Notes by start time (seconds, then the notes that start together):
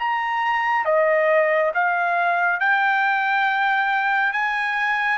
0.00 A#5
0.85 D#5
1.74 F5
2.60 G5
4.33 G#5